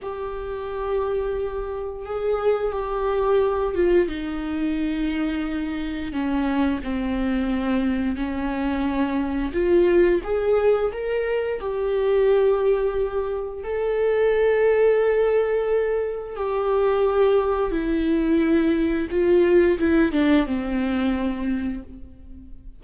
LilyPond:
\new Staff \with { instrumentName = "viola" } { \time 4/4 \tempo 4 = 88 g'2. gis'4 | g'4. f'8 dis'2~ | dis'4 cis'4 c'2 | cis'2 f'4 gis'4 |
ais'4 g'2. | a'1 | g'2 e'2 | f'4 e'8 d'8 c'2 | }